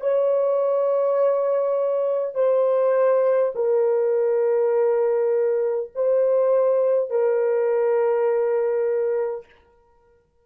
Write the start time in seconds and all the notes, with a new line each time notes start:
0.00 C#5
2.35 C5
3.55 A#4
5.95 C5
7.10 A#4